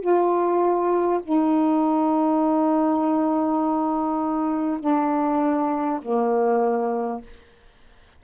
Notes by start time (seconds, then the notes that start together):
0.00 F4
1.23 D#4
4.80 D4
6.01 A#3